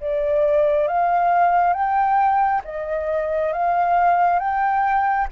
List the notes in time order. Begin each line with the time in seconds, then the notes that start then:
0.00 D5
0.88 F5
1.73 G5
2.64 D#5
3.53 F5
4.39 G5